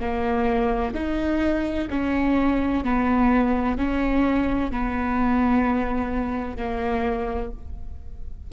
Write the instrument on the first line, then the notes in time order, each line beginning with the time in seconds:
viola
0.00 A#3
0.94 D#4
1.90 C#4
2.84 B3
3.78 C#4
4.71 B3
6.57 A#3